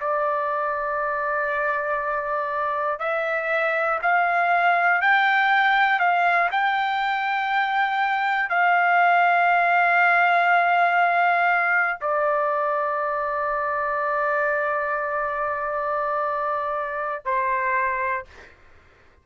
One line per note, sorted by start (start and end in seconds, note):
0.00 2.99 D5
2.99 3.99 E5
4.02 5.01 F5
5.01 5.99 G5
5.99 6.49 F5
6.51 8.49 G5
8.49 11.99 F5
12.00 17.25 D5
17.25 18.25 C5